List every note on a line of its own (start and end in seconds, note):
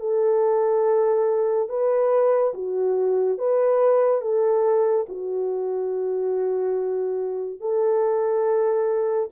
0.00 1.69 A4
1.69 2.54 B4
2.54 3.38 F#4
3.38 4.22 B4
4.22 5.06 A4
5.09 7.60 F#4
7.60 9.29 A4